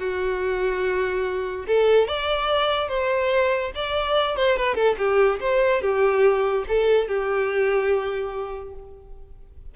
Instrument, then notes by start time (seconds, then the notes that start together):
violin
0.00 F#4
1.68 A4
2.08 D5
2.89 C5
3.76 D5
4.37 C5
4.57 B4
4.75 A4
4.98 G4
5.41 C5
5.82 G4
6.69 A4
7.08 G4